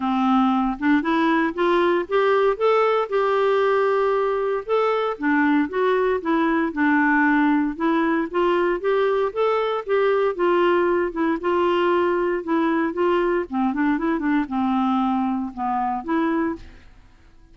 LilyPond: \new Staff \with { instrumentName = "clarinet" } { \time 4/4 \tempo 4 = 116 c'4. d'8 e'4 f'4 | g'4 a'4 g'2~ | g'4 a'4 d'4 fis'4 | e'4 d'2 e'4 |
f'4 g'4 a'4 g'4 | f'4. e'8 f'2 | e'4 f'4 c'8 d'8 e'8 d'8 | c'2 b4 e'4 | }